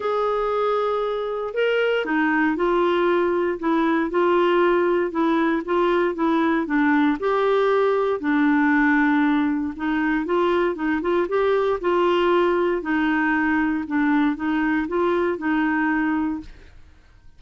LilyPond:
\new Staff \with { instrumentName = "clarinet" } { \time 4/4 \tempo 4 = 117 gis'2. ais'4 | dis'4 f'2 e'4 | f'2 e'4 f'4 | e'4 d'4 g'2 |
d'2. dis'4 | f'4 dis'8 f'8 g'4 f'4~ | f'4 dis'2 d'4 | dis'4 f'4 dis'2 | }